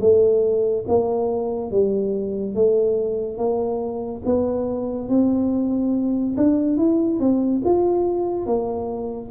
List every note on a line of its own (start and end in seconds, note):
0.00 0.85 A3
0.88 1.71 A#3
1.71 2.55 G3
2.55 3.37 A3
3.37 4.22 A#3
4.25 5.08 B3
5.08 6.35 C4
6.36 6.77 D4
6.77 7.19 E4
7.19 7.62 C4
7.64 8.46 F4
8.46 9.30 A#3